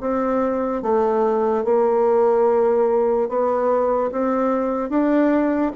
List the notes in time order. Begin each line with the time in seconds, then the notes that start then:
0.00 C4
0.82 A3
1.64 A#3
3.28 B3
4.11 C4
4.89 D4